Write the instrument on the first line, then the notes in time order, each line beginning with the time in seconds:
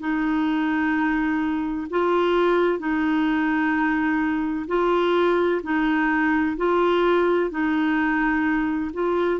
clarinet
0.00 D#4
1.90 F4
2.79 D#4
4.67 F4
5.63 D#4
6.57 F4
7.50 D#4
8.93 F4